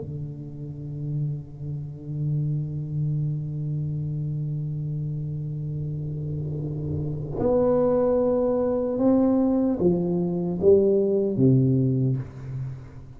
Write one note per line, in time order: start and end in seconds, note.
0.00 7.39 D3
7.39 8.98 B3
8.98 9.78 C4
9.80 10.60 F3
10.61 11.37 G3
11.37 12.17 C3